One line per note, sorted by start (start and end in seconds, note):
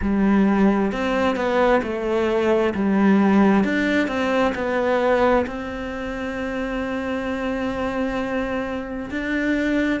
0.01 0.91 G3
0.91 1.36 C4
1.36 1.81 B3
1.82 2.73 A3
2.74 3.64 G3
3.64 4.07 D4
4.07 4.53 C4
4.55 5.45 B3
5.46 9.10 C4
9.10 10.00 D4